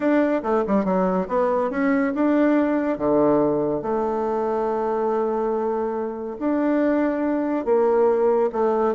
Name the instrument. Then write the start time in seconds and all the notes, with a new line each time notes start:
bassoon
0.00 D4
0.42 A3
0.67 G3
0.85 F#3
1.27 B3
1.70 C#4
2.14 D4
2.97 D3
3.82 A3
6.39 D4
7.65 A#3
8.52 A3